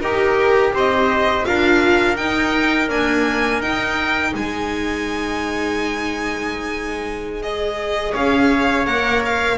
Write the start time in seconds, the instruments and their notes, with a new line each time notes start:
0.00 double bass D#4, viola G4, trumpet G4, violin A#4
0.73 double bass C4, trumpet C5, violin D#5
1.44 double bass D4, viola F4, trumpet A#4, violin F5
2.16 viola D#4, double bass D#4, violin G5
2.89 viola A#3, double bass D4, violin G#5
3.61 double bass D#4, viola D#4, violin G5
4.34 double bass G#3, trumpet C5, violin G#5
7.42 viola G#4, violin D#5
8.12 double bass C#4, trumpet C#5, violin F5
8.86 double bass A#3, viola A#4, violin F#5
9.25 violin F5